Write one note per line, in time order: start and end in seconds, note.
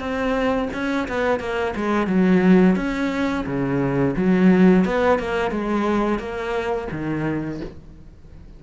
0.00 0.69 C4
0.73 1.08 C#4
1.08 1.40 B3
1.40 1.74 A#3
1.76 2.07 G#3
2.07 2.76 F#3
2.76 3.45 C#4
3.46 4.15 C#3
4.17 4.85 F#3
4.85 5.19 B3
5.19 5.51 A#3
5.51 6.19 G#3
6.19 6.88 A#3
6.92 7.61 D#3